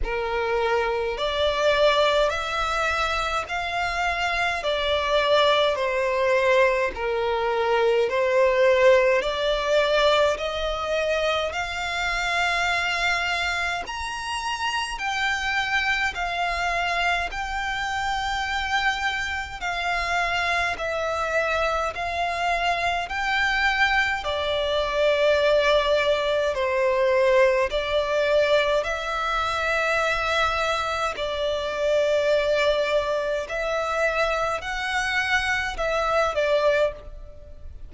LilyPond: \new Staff \with { instrumentName = "violin" } { \time 4/4 \tempo 4 = 52 ais'4 d''4 e''4 f''4 | d''4 c''4 ais'4 c''4 | d''4 dis''4 f''2 | ais''4 g''4 f''4 g''4~ |
g''4 f''4 e''4 f''4 | g''4 d''2 c''4 | d''4 e''2 d''4~ | d''4 e''4 fis''4 e''8 d''8 | }